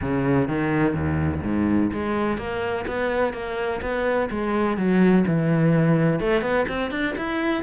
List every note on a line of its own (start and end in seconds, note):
0.01 0.47 C#3
0.47 0.94 D#3
0.94 1.41 D#2
1.43 1.91 G#2
1.92 2.37 G#3
2.37 2.85 A#3
2.87 3.33 B3
3.33 3.80 A#3
3.81 4.29 B3
4.30 4.77 G#3
4.77 5.24 F#3
5.27 6.19 E3
6.19 6.41 A3
6.41 6.65 B3
6.68 6.90 C4
6.90 7.14 D4
7.17 7.63 E4